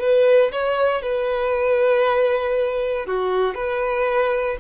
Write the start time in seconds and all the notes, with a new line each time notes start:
0.00 B4
0.52 C#5
1.02 B4
3.06 F#4
3.55 B4